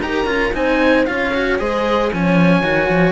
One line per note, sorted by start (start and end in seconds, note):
0.00 0.24 D#4
0.00 0.26 G4
0.00 0.56 A#4
0.00 0.54 A#5
0.24 0.50 C#4
0.24 0.52 F4
0.53 1.07 C4
0.53 1.05 D#4
0.53 1.08 C5
0.53 1.05 G#5
1.05 1.60 C#4
1.05 1.33 F4
1.05 1.60 C#5
1.05 1.58 F5
1.34 1.59 F#4
1.59 2.12 G#3
1.59 2.11 G#4
1.59 2.12 C5
1.59 2.11 D#5
2.13 2.62 F3
2.13 2.63 C#4
2.13 3.11 C#5
2.13 3.11 G#5
2.62 2.88 D#3
2.62 3.11 F#4
2.89 3.11 F3